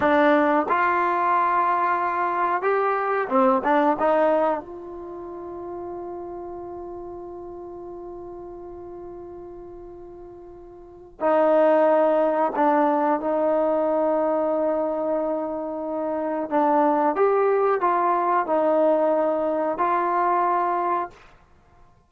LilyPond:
\new Staff \with { instrumentName = "trombone" } { \time 4/4 \tempo 4 = 91 d'4 f'2. | g'4 c'8 d'8 dis'4 f'4~ | f'1~ | f'1~ |
f'4 dis'2 d'4 | dis'1~ | dis'4 d'4 g'4 f'4 | dis'2 f'2 | }